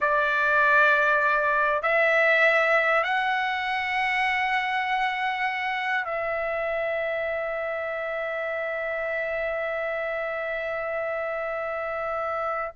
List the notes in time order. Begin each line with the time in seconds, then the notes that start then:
0.00 D5
1.82 E5
3.03 F#5
6.04 E5